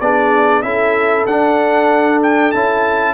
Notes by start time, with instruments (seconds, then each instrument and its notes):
0.00 tuba B3, trombone D4, horn G#4, trumpet D5
0.62 tuba C#4, trombone E4, horn A4, trumpet E5
1.26 tuba D4, trombone D4, trumpet F#5
2.22 trumpet G5
2.51 tuba C#4, trombone E4, trumpet A5